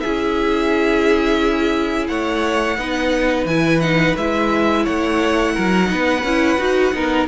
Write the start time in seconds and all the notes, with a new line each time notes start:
0.00 C#4 E4 G#4 E5
2.08 A3 C#5 F#5
2.78 B3 D#4 B4
3.45 E3 E4 G#5
3.81 D#4 F#5
4.17 G#3 E4 E5
4.84 A3 C#5 F#5
5.54 F#3 A#4
5.85 D#4 B4
5.92 B3
6.23 C#4 E4
6.58 D#4 F#4
6.93 B3 D#4 A#4